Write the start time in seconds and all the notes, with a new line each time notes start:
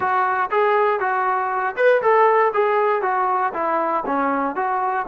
0.00 F#4
0.50 G#4
0.99 F#4
1.76 B4
2.01 A4
2.53 G#4
3.02 F#4
3.53 E4
4.06 C#4
4.55 F#4